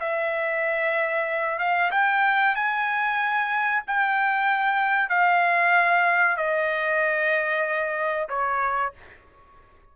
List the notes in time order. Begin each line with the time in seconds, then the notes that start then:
0.00 E5
1.59 F5
1.91 G5
2.55 G#5
3.87 G5
5.09 F5
6.37 D#5
8.29 C#5